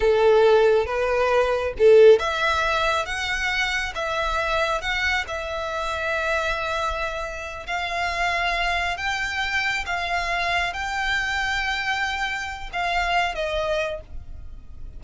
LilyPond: \new Staff \with { instrumentName = "violin" } { \time 4/4 \tempo 4 = 137 a'2 b'2 | a'4 e''2 fis''4~ | fis''4 e''2 fis''4 | e''1~ |
e''4. f''2~ f''8~ | f''8 g''2 f''4.~ | f''8 g''2.~ g''8~ | g''4 f''4. dis''4. | }